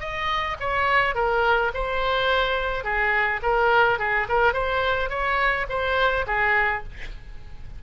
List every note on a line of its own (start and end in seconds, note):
0.00 0.57 D#5
0.60 1.15 C#5
1.15 1.72 A#4
1.74 2.84 C5
2.84 3.41 G#4
3.42 3.99 A#4
3.99 4.27 G#4
4.29 4.53 A#4
4.53 5.09 C5
5.09 5.66 C#5
5.69 6.26 C5
6.27 6.83 G#4